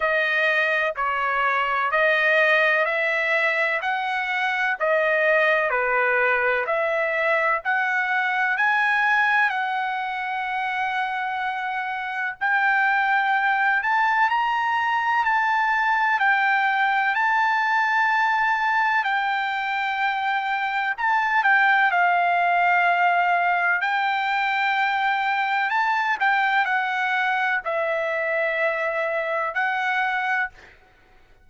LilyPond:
\new Staff \with { instrumentName = "trumpet" } { \time 4/4 \tempo 4 = 63 dis''4 cis''4 dis''4 e''4 | fis''4 dis''4 b'4 e''4 | fis''4 gis''4 fis''2~ | fis''4 g''4. a''8 ais''4 |
a''4 g''4 a''2 | g''2 a''8 g''8 f''4~ | f''4 g''2 a''8 g''8 | fis''4 e''2 fis''4 | }